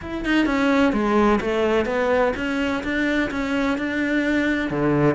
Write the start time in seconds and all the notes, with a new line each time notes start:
0.01 E4
0.25 D#4
0.45 C#4
0.92 G#3
1.40 A3
1.85 B3
2.36 C#4
2.83 D4
3.30 C#4
3.78 D4
4.70 D3